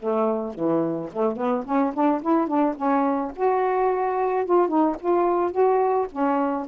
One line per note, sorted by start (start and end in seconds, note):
0.00 0.55 A3
0.55 1.10 E3
1.13 1.37 A3
1.37 1.65 B3
1.66 1.94 C#4
1.94 2.22 D4
2.22 2.48 E4
2.48 2.76 D4
2.77 3.32 C#4
3.37 4.46 F#4
4.46 4.69 F4
4.69 4.96 D#4
5.01 5.52 F4
5.52 6.08 F#4
6.12 6.67 C#4